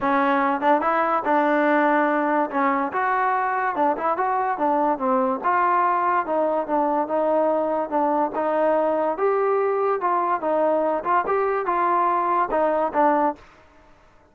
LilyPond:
\new Staff \with { instrumentName = "trombone" } { \time 4/4 \tempo 4 = 144 cis'4. d'8 e'4 d'4~ | d'2 cis'4 fis'4~ | fis'4 d'8 e'8 fis'4 d'4 | c'4 f'2 dis'4 |
d'4 dis'2 d'4 | dis'2 g'2 | f'4 dis'4. f'8 g'4 | f'2 dis'4 d'4 | }